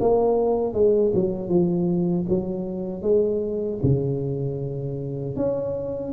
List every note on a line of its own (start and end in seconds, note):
0.00 0.74 A#3
0.74 1.12 G#3
1.14 1.49 F#3
1.49 2.26 F3
2.29 3.02 F#3
3.02 3.79 G#3
3.83 5.36 C#3
5.36 6.13 C#4